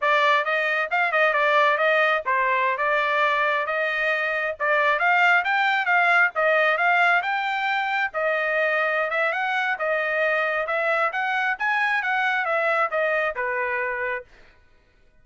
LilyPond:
\new Staff \with { instrumentName = "trumpet" } { \time 4/4 \tempo 4 = 135 d''4 dis''4 f''8 dis''8 d''4 | dis''4 c''4~ c''16 d''4.~ d''16~ | d''16 dis''2 d''4 f''8.~ | f''16 g''4 f''4 dis''4 f''8.~ |
f''16 g''2 dis''4.~ dis''16~ | dis''8 e''8 fis''4 dis''2 | e''4 fis''4 gis''4 fis''4 | e''4 dis''4 b'2 | }